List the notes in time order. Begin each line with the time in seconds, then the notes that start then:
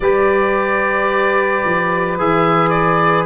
0.00 G3 G4 B4 D5
1.64 F3
2.18 E3 G#4 E5
2.69 D5